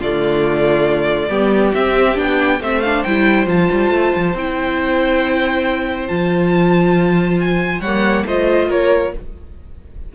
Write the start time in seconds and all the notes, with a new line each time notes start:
0.00 D3 A3 F4 D5
1.29 G3 B3 G4
1.74 C4 E5
2.16 B3 D4 G5
2.61 A3 C4 C5 E5
2.82 D4 F5
3.04 G3 E4 G5
3.47 F3 F4 A5
3.72 G3
3.90 A3
4.16 F3
4.35 C4 E4 G5
6.08 F3 F4 A5
7.40 G#5
7.80 G3 C#5 F#5
7.87 A#3
8.26 A3 F4 C5 D#5
8.69 A#3 A#4 C#5